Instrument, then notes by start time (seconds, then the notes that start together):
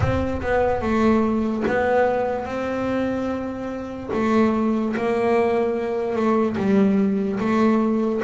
double bass
0.00 C4
0.41 B3
0.81 A3
1.67 B3
2.45 C4
4.13 A3
4.96 A#3
6.15 A3
6.57 G3
7.39 A3